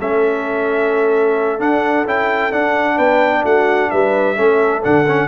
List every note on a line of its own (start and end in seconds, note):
0.00 1.60 A3
0.00 1.59 C#4
0.00 2.96 A4
0.00 1.61 E5
1.59 2.05 D4
1.59 2.07 F#5
2.05 2.51 C#4
2.05 2.52 E4
2.05 2.52 G5
2.52 4.36 D4
2.52 2.98 D4
2.52 2.98 F#5
2.96 3.44 B3
2.96 3.42 B4
2.96 3.44 G5
3.44 3.90 A3
3.44 3.91 F#4
3.44 3.91 F#5
3.91 4.39 G3
3.91 4.36 B4
3.91 4.83 E5
4.36 4.85 A3
4.36 4.82 C#4
4.36 5.28 A4
4.83 5.28 D3
4.83 5.06 D4
4.83 5.28 F#5
5.07 5.28 C#4